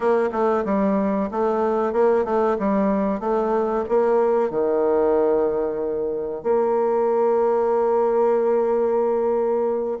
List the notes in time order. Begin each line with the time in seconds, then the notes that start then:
0.00 A#3
0.31 A3
0.65 G3
1.31 A3
1.92 A#3
2.24 A3
2.58 G3
3.19 A3
3.88 A#3
4.50 D#3
6.43 A#3